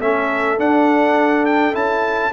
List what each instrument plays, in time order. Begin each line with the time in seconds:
0.00 tuba A3, trombone C#4, horn A4, trumpet E5
0.58 trombone D4, tuba D4, trumpet F#5
1.46 trumpet G5
1.74 tuba C#4, trombone E4, trumpet A5